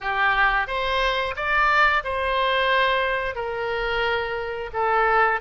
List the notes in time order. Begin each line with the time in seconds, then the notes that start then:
0.00 G4
0.67 C5
1.35 D5
2.03 C5
3.35 A#4
4.73 A4